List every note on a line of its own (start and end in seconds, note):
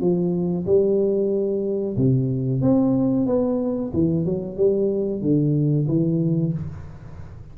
0.00 0.65 F3
0.66 1.96 G3
1.97 2.61 C3
2.61 3.26 C4
3.26 3.91 B3
3.93 4.25 E3
4.25 4.57 F#3
4.57 5.21 G3
5.21 5.87 D3
5.88 6.53 E3